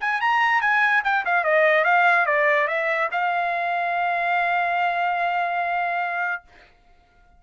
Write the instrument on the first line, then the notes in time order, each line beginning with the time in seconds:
trumpet
0.00 G#5
0.21 A#5
0.61 G#5
1.04 G5
1.25 F5
1.44 D#5
1.84 F5
2.26 D5
2.67 E5
3.11 F5